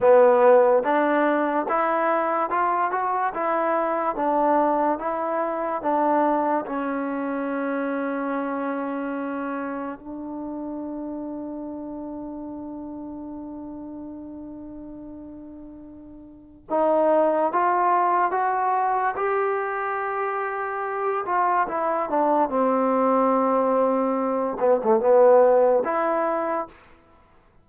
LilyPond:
\new Staff \with { instrumentName = "trombone" } { \time 4/4 \tempo 4 = 72 b4 d'4 e'4 f'8 fis'8 | e'4 d'4 e'4 d'4 | cis'1 | d'1~ |
d'1 | dis'4 f'4 fis'4 g'4~ | g'4. f'8 e'8 d'8 c'4~ | c'4. b16 a16 b4 e'4 | }